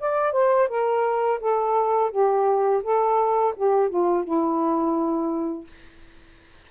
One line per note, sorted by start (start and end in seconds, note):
0.00 0.33 D5
0.33 0.69 C5
0.69 1.40 A#4
1.41 2.11 A4
2.11 2.83 G4
2.83 3.55 A4
3.56 3.90 G4
3.90 4.25 F4
4.25 5.68 E4